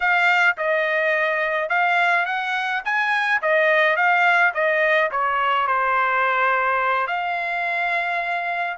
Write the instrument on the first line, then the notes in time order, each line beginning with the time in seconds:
trumpet
0.00 F5
0.57 D#5
1.69 F5
2.25 F#5
2.84 G#5
3.42 D#5
3.96 F5
4.53 D#5
5.11 C#5
5.67 C5
7.07 F5